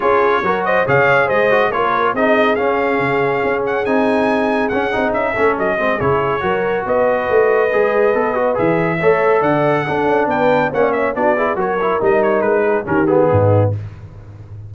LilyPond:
<<
  \new Staff \with { instrumentName = "trumpet" } { \time 4/4 \tempo 4 = 140 cis''4. dis''8 f''4 dis''4 | cis''4 dis''4 f''2~ | f''8 fis''8 gis''2 fis''4 | e''4 dis''4 cis''2 |
dis''1 | e''2 fis''2 | g''4 fis''8 e''8 d''4 cis''4 | dis''8 cis''8 b'4 ais'8 gis'4. | }
  \new Staff \with { instrumentName = "horn" } { \time 4/4 gis'4 ais'8 c''8 cis''4 c''4 | ais'4 gis'2.~ | gis'1~ | gis'8 a'4 gis'4. ais'4 |
b'1~ | b'4 cis''4 d''4 a'4 | b'4 cis''16 d''16 cis''8 fis'8 gis'8 ais'4~ | ais'4. gis'8 g'4 dis'4 | }
  \new Staff \with { instrumentName = "trombone" } { \time 4/4 f'4 fis'4 gis'4. fis'8 | f'4 dis'4 cis'2~ | cis'4 dis'2 cis'8 dis'8~ | dis'8 cis'4 c'8 e'4 fis'4~ |
fis'2 gis'4 a'8 fis'8 | gis'4 a'2 d'4~ | d'4 cis'4 d'8 e'8 fis'8 e'8 | dis'2 cis'8 b4. | }
  \new Staff \with { instrumentName = "tuba" } { \time 4/4 cis'4 fis4 cis4 gis4 | ais4 c'4 cis'4 cis4 | cis'4 c'2 cis'8 c'8 | cis'8 a8 fis8 gis8 cis4 fis4 |
b4 a4 gis4 b4 | e4 a4 d4 d'8 cis'8 | b4 ais4 b4 fis4 | g4 gis4 dis4 gis,4 | }
>>